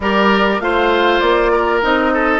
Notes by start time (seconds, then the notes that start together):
0.00 G3 G4 A#4 D5
0.59 A3 F4 C5 F5
1.20 A#3 D5
1.52 A#4
1.82 C4 D#4 D#5
2.13 A4